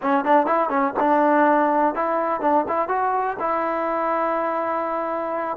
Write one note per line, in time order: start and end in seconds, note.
0.02 0.24 C#4
0.24 0.46 D4
0.46 0.69 E4
0.69 0.93 C#4
0.99 1.94 D4
1.94 2.41 E4
2.41 2.65 D4
2.68 2.88 E4
2.88 3.36 F#4
3.39 5.57 E4